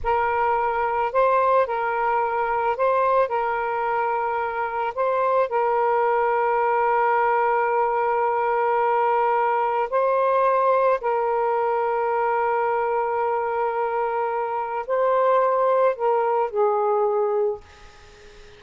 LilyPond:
\new Staff \with { instrumentName = "saxophone" } { \time 4/4 \tempo 4 = 109 ais'2 c''4 ais'4~ | ais'4 c''4 ais'2~ | ais'4 c''4 ais'2~ | ais'1~ |
ais'2 c''2 | ais'1~ | ais'2. c''4~ | c''4 ais'4 gis'2 | }